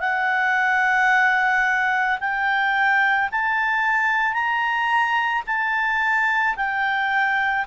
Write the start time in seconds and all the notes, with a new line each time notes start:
0.00 F#5
2.20 G5
3.32 A5
4.33 A#5
5.46 A5
6.57 G5